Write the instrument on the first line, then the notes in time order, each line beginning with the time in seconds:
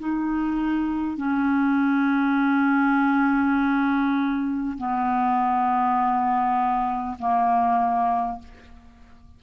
clarinet
0.00 D#4
1.18 C#4
4.78 B3
7.19 A#3